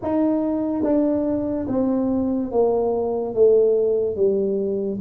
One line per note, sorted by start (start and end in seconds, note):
0.02 0.83 D#4
0.83 1.66 D4
1.68 2.51 C4
2.52 3.34 A#3
3.34 4.16 A3
4.16 4.99 G3